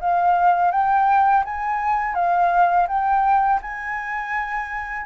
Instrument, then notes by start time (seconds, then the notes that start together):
flute
0.00 F5
0.71 G5
1.44 G#5
2.14 F5
2.88 G5
3.61 G#5